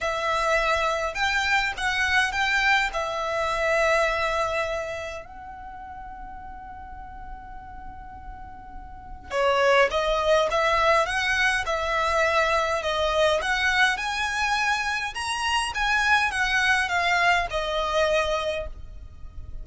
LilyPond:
\new Staff \with { instrumentName = "violin" } { \time 4/4 \tempo 4 = 103 e''2 g''4 fis''4 | g''4 e''2.~ | e''4 fis''2.~ | fis''1 |
cis''4 dis''4 e''4 fis''4 | e''2 dis''4 fis''4 | gis''2 ais''4 gis''4 | fis''4 f''4 dis''2 | }